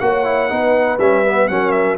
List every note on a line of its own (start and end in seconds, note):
0.00 0.51 A#3
0.00 0.24 F#4
0.00 0.51 C#5
0.00 0.99 F#5
0.24 0.49 E4
0.49 0.99 B3
0.49 0.99 D#4
0.49 1.50 B4
0.99 1.49 G3
0.99 1.25 C#4
0.99 1.48 E5
1.25 1.49 B3
1.48 1.98 F#3
1.48 1.98 C#4
1.48 1.98 A#4
1.48 1.72 F#5
1.72 1.97 E5